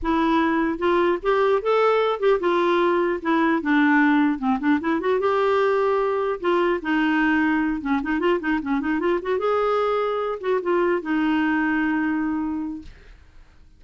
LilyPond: \new Staff \with { instrumentName = "clarinet" } { \time 4/4 \tempo 4 = 150 e'2 f'4 g'4 | a'4. g'8 f'2 | e'4 d'2 c'8 d'8 | e'8 fis'8 g'2. |
f'4 dis'2~ dis'8 cis'8 | dis'8 f'8 dis'8 cis'8 dis'8 f'8 fis'8 gis'8~ | gis'2 fis'8 f'4 dis'8~ | dis'1 | }